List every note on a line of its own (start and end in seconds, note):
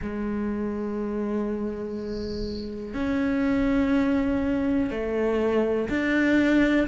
0.02 2.94 G#3
2.94 4.90 C#4
4.90 5.88 A3
5.89 6.87 D4